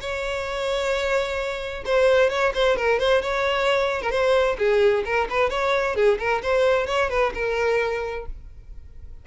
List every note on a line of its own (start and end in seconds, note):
0.00 1.83 C#5
1.85 2.29 C5
2.29 2.52 C#5
2.54 2.76 C5
2.76 2.99 A#4
2.99 3.21 C5
3.21 4.01 C#5
4.01 4.11 A#4
4.11 4.56 C5
4.58 5.04 G#4
5.04 5.27 A#4
5.29 5.49 B4
5.49 5.95 C#5
5.95 6.18 G#4
6.19 6.41 A#4
6.42 6.86 C5
6.86 7.09 C#5
7.10 7.32 B4
7.34 8.25 A#4